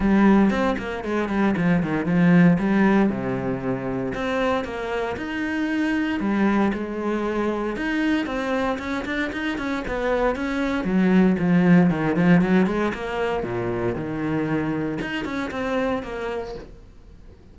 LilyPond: \new Staff \with { instrumentName = "cello" } { \time 4/4 \tempo 4 = 116 g4 c'8 ais8 gis8 g8 f8 dis8 | f4 g4 c2 | c'4 ais4 dis'2 | g4 gis2 dis'4 |
c'4 cis'8 d'8 dis'8 cis'8 b4 | cis'4 fis4 f4 dis8 f8 | fis8 gis8 ais4 ais,4 dis4~ | dis4 dis'8 cis'8 c'4 ais4 | }